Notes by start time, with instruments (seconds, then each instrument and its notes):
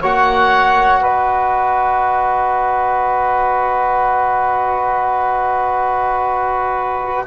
0.00 double bass A#3, trombone F#4, saxophone C#5, oboe F#5
1.00 double bass B3, saxophone B4, oboe D#5